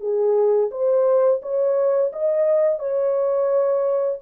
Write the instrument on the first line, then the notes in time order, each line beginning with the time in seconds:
horn
0.00 G#4
0.71 C5
1.42 C#5
2.12 D#5
2.79 C#5